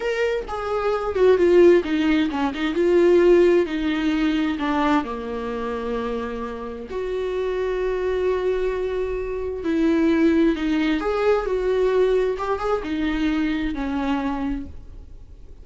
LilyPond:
\new Staff \with { instrumentName = "viola" } { \time 4/4 \tempo 4 = 131 ais'4 gis'4. fis'8 f'4 | dis'4 cis'8 dis'8 f'2 | dis'2 d'4 ais4~ | ais2. fis'4~ |
fis'1~ | fis'4 e'2 dis'4 | gis'4 fis'2 g'8 gis'8 | dis'2 cis'2 | }